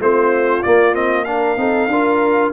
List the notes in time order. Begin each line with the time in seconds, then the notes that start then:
0.00 A3 C4 F4 C5
0.63 A#3 D5
0.94 C4 D#5
1.25 D4 A#4 F5
1.57 C4 D#4 A4
1.88 D4 F4 A#4